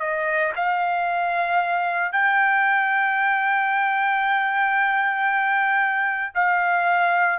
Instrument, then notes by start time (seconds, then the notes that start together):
trumpet
0.00 D#5
0.56 F5
2.12 G5
6.34 F5